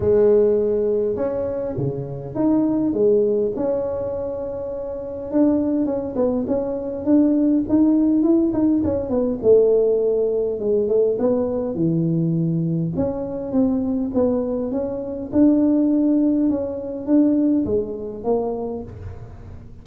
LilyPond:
\new Staff \with { instrumentName = "tuba" } { \time 4/4 \tempo 4 = 102 gis2 cis'4 cis4 | dis'4 gis4 cis'2~ | cis'4 d'4 cis'8 b8 cis'4 | d'4 dis'4 e'8 dis'8 cis'8 b8 |
a2 gis8 a8 b4 | e2 cis'4 c'4 | b4 cis'4 d'2 | cis'4 d'4 gis4 ais4 | }